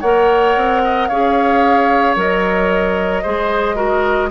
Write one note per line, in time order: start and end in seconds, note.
0.00 0.56 A#3
0.00 1.10 A#4
0.00 0.81 C#5
0.00 1.07 F#5
0.56 1.09 C4
0.84 1.08 D#5
1.07 2.16 C#4
1.07 2.16 G#4
1.07 3.22 C#5
1.07 2.15 F5
2.16 3.23 F#3
2.16 3.23 A#4
2.16 4.30 D#5
3.22 4.30 G#3
3.22 3.75 G#4
3.22 3.75 C5
3.75 4.29 F#4
3.75 4.29 A#4